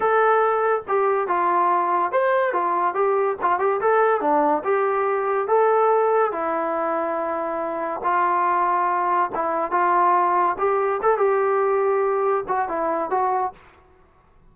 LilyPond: \new Staff \with { instrumentName = "trombone" } { \time 4/4 \tempo 4 = 142 a'2 g'4 f'4~ | f'4 c''4 f'4 g'4 | f'8 g'8 a'4 d'4 g'4~ | g'4 a'2 e'4~ |
e'2. f'4~ | f'2 e'4 f'4~ | f'4 g'4 a'8 g'4.~ | g'4. fis'8 e'4 fis'4 | }